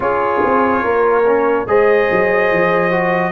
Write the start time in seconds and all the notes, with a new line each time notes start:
0.00 C#4 F4 G#4 C#5
0.43 C4
0.83 A#3 A#4
1.26 C#4
1.66 G#3 G#4 C5 D#5
2.11 F#3
2.51 F3
2.90 F#4